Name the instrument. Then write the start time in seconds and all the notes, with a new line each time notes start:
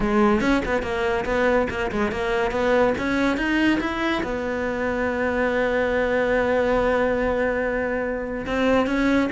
cello
0.00 G#3
0.41 C#4
0.65 B3
0.82 A#3
1.25 B3
1.70 A#3
1.91 G#3
2.11 A#3
2.51 B3
2.98 C#4
3.37 D#4
3.80 E4
4.23 B3
8.46 C4
8.86 C#4